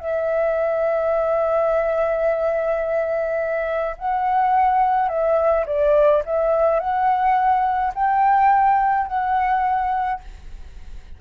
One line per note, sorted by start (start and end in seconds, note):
0.00 3.96 E5
3.98 5.09 F#5
5.09 5.65 E5
5.67 6.23 D5
6.26 6.80 E5
6.80 7.93 F#5
7.95 9.08 G5
9.08 10.21 F#5